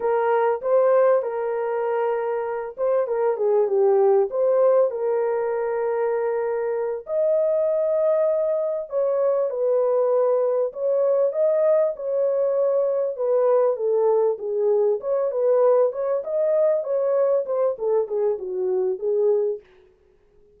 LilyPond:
\new Staff \with { instrumentName = "horn" } { \time 4/4 \tempo 4 = 98 ais'4 c''4 ais'2~ | ais'8 c''8 ais'8 gis'8 g'4 c''4 | ais'2.~ ais'8 dis''8~ | dis''2~ dis''8 cis''4 b'8~ |
b'4. cis''4 dis''4 cis''8~ | cis''4. b'4 a'4 gis'8~ | gis'8 cis''8 b'4 cis''8 dis''4 cis''8~ | cis''8 c''8 a'8 gis'8 fis'4 gis'4 | }